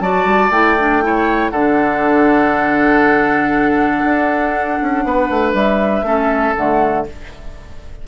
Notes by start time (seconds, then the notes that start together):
0.00 F#3 F#4 D5 A5
0.25 G3
0.50 A3 E4 G5
0.79 D4
1.02 E4 C#5
1.50 D3 D4 A4 F#5
4.04 D4
4.82 C#4
5.04 B3 B4
5.30 A3
5.53 G3 E5
6.02 A3 C#4 A4
6.56 D3 A3 F#5